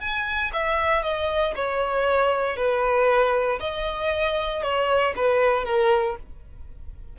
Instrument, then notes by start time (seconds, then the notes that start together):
violin
0.00 G#5
0.53 E5
1.03 D#5
1.55 C#5
2.57 B4
3.60 D#5
4.63 C#5
5.16 B4
5.65 A#4